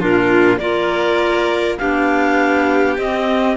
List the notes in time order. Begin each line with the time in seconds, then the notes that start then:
0.00 A#2 D4 F4 A#4
0.58 A#3 F4 A#4 D5
1.78 B3 D4 G4 F5
2.98 C4 D#5